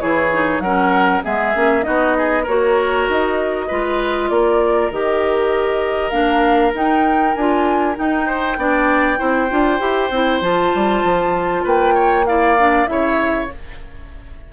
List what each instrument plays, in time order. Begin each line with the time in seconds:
0.00 bassoon E3, clarinet E4, oboe G#4, flute C#5
0.32 clarinet D#4
0.59 bassoon F#3, clarinet C#4, oboe A#4, flute F#5
1.22 bassoon G#3, clarinet B3, oboe G#4, flute E5
1.54 bassoon A#3, clarinet C#4
1.82 bassoon B3, clarinet D#4, oboe F#4, flute D#5
2.17 oboe G#4
2.43 bassoon A#3, clarinet F#4, oboe A#4, flute C#5
3.09 bassoon D#4, flute D#5
3.67 bassoon G#3, clarinet F4, oboe B4
4.29 bassoon A#3, oboe A#4, flute D5
4.91 bassoon D#3, clarinet G4, flute D#5
6.10 bassoon A#3, clarinet D4, flute F5
6.74 bassoon D#4, clarinet D#4, flute G5
7.34 bassoon D4, clarinet F4, flute G#5
7.95 clarinet D#4, bassoon D#4, flute G5
8.26 oboe C5
8.57 bassoon B3, clarinet D4, oboe D5
9.17 bassoon C4, clarinet E4, oboe C5
9.50 bassoon D4, clarinet F4
9.79 bassoon E4, clarinet G4
10.10 bassoon C4, clarinet E4
10.41 bassoon F3, clarinet F4, flute A5
10.75 bassoon G3
11.03 bassoon F3
11.63 bassoon A#3, oboe B4, flute G5
11.94 oboe C#5
12.25 clarinet E4, oboe D5, flute F5
12.58 clarinet D4
12.86 bassoon C#3, clarinet E4, oboe C#5, flute E5